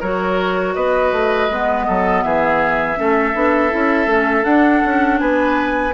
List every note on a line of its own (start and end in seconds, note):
0.00 0.75 F#3
0.00 1.51 F#4
0.00 0.74 A#4
0.00 0.74 C#5
0.74 1.12 B3
0.74 1.86 B4
0.74 2.22 D#5
1.12 1.49 A3
1.50 1.87 G#3
1.50 2.96 B3
1.87 2.24 F#3
1.87 2.24 A4
2.22 2.98 E3
2.22 2.99 G#4
2.22 4.44 E5
2.96 3.34 A3
2.96 3.33 C#4
2.96 5.21 A4
3.34 3.71 B3
3.34 3.70 D4
3.70 4.06 C#4
3.70 4.07 E4
4.06 4.43 A3
4.06 4.43 C#4
4.43 5.91 D4
4.43 4.81 D4
4.43 5.18 F#5
4.85 5.21 C#4
5.19 5.93 B3
5.19 5.93 B4
5.19 5.93 G#5